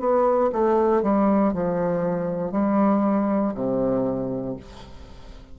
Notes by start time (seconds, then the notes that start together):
0.00 B3
0.53 A3
1.03 G3
1.54 F3
2.52 G3
3.55 C3